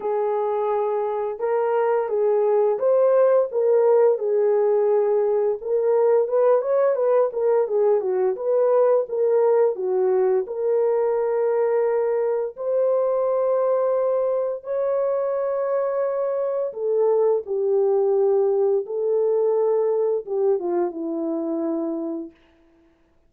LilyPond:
\new Staff \with { instrumentName = "horn" } { \time 4/4 \tempo 4 = 86 gis'2 ais'4 gis'4 | c''4 ais'4 gis'2 | ais'4 b'8 cis''8 b'8 ais'8 gis'8 fis'8 | b'4 ais'4 fis'4 ais'4~ |
ais'2 c''2~ | c''4 cis''2. | a'4 g'2 a'4~ | a'4 g'8 f'8 e'2 | }